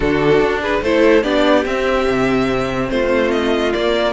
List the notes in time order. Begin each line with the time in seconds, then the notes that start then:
0.00 D3 D4 F#4 A4
0.39 D4
0.61 G#4 B4
0.82 A3 E4 A4 C5
1.23 B3 D4 G4 D5
1.65 C4 E5
2.06 C3
2.89 A3 F4 C5
3.31 D#5
3.73 A#3 D5